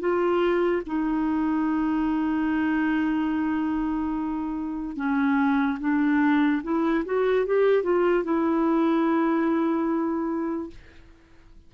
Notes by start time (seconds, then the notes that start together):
0.00 F4
0.86 D#4
4.96 C#4
5.80 D4
6.63 E4
7.05 F#4
7.46 G4
7.83 F4
8.24 E4